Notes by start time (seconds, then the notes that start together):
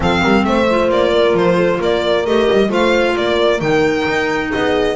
0.00 F3 C4 A4 F5
0.22 G3 A#4
0.44 A3 C5 E5
0.70 F4
0.89 A#3 D5
1.12 A#4
1.33 F3 C5
1.56 A4
1.80 A#3 A#4 D5
2.25 A3 G4 D#5
2.50 G3
2.68 A3 F4 C5 F5
3.14 A#3 A#4 D5
3.60 D#3 D#4 G5
4.07 D#4
4.52 B3 G#4 D#5